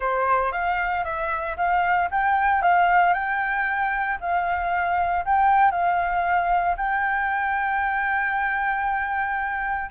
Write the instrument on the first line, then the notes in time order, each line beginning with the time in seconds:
flute
0.00 C5
0.52 F5
1.04 E5
1.57 F5
2.11 G5
2.62 F5
3.13 G5
4.20 F5
5.25 G5
5.71 F5
6.77 G5